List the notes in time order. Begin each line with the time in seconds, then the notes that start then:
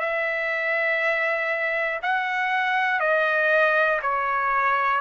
0.00 E5
2.02 F#5
3.00 D#5
4.02 C#5